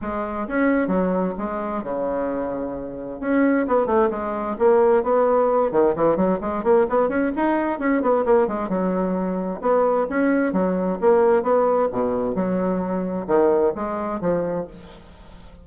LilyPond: \new Staff \with { instrumentName = "bassoon" } { \time 4/4 \tempo 4 = 131 gis4 cis'4 fis4 gis4 | cis2. cis'4 | b8 a8 gis4 ais4 b4~ | b8 dis8 e8 fis8 gis8 ais8 b8 cis'8 |
dis'4 cis'8 b8 ais8 gis8 fis4~ | fis4 b4 cis'4 fis4 | ais4 b4 b,4 fis4~ | fis4 dis4 gis4 f4 | }